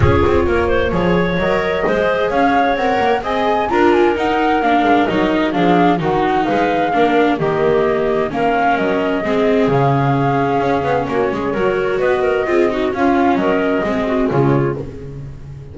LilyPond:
<<
  \new Staff \with { instrumentName = "flute" } { \time 4/4 \tempo 4 = 130 cis''2. dis''4~ | dis''4 f''4 fis''4 gis''4 | ais''8 gis''8 fis''4 f''4 dis''4 | f''4 fis''4 f''2 |
dis''2 f''4 dis''4~ | dis''4 f''2. | cis''2 dis''2 | f''4 dis''2 cis''4 | }
  \new Staff \with { instrumentName = "clarinet" } { \time 4/4 gis'4 ais'8 c''8 cis''2 | c''4 cis''2 dis''4 | ais'1 | gis'4 fis'4 b'4 ais'4 |
g'2 ais'2 | gis'1 | fis'8 gis'8 ais'4 b'8 ais'8 gis'8 fis'8 | f'4 ais'4 gis'8 fis'8 f'4 | }
  \new Staff \with { instrumentName = "viola" } { \time 4/4 f'2 gis'4 ais'4 | gis'2 ais'4 gis'4 | f'4 dis'4 d'4 dis'4 | d'4 dis'2 d'4 |
ais2 cis'2 | c'4 cis'2.~ | cis'4 fis'2 f'8 dis'8 | cis'2 c'4 gis4 | }
  \new Staff \with { instrumentName = "double bass" } { \time 4/4 cis'8 c'8 ais4 f4 fis4 | gis4 cis'4 c'8 ais8 c'4 | d'4 dis'4 ais8 gis8 fis4 | f4 dis4 gis4 ais4 |
dis2 ais4 fis4 | gis4 cis2 cis'8 b8 | ais8 gis8 fis4 b4 c'4 | cis'4 fis4 gis4 cis4 | }
>>